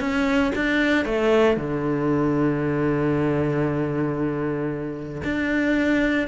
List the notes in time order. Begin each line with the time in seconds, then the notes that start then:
0.00 C#4
0.55 D4
1.06 A3
1.57 D3
5.24 D4